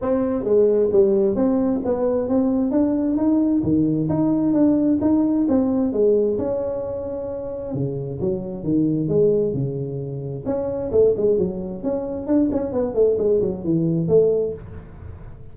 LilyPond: \new Staff \with { instrumentName = "tuba" } { \time 4/4 \tempo 4 = 132 c'4 gis4 g4 c'4 | b4 c'4 d'4 dis'4 | dis4 dis'4 d'4 dis'4 | c'4 gis4 cis'2~ |
cis'4 cis4 fis4 dis4 | gis4 cis2 cis'4 | a8 gis8 fis4 cis'4 d'8 cis'8 | b8 a8 gis8 fis8 e4 a4 | }